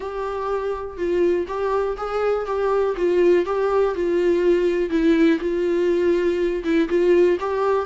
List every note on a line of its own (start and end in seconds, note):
0.00 0.97 G4
0.97 1.46 F4
1.47 1.96 G4
1.97 2.46 G#4
2.46 2.95 G4
2.96 3.45 F4
3.45 3.95 G4
3.95 4.90 F4
4.90 5.39 E4
5.40 6.63 F4
6.63 6.88 E4
6.88 7.37 F4
7.40 7.85 G4